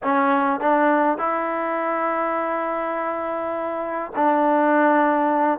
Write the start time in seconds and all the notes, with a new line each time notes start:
0.03 C#4
0.60 D4
1.18 E4
4.15 D4